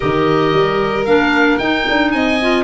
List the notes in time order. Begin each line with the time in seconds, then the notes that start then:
0.00 D#3 G4 A#4 D#5
0.53 G3
1.05 A#3 D4 F5
1.58 D#4 G5
1.89 D4
2.11 C4 D#5 G#5
2.41 F4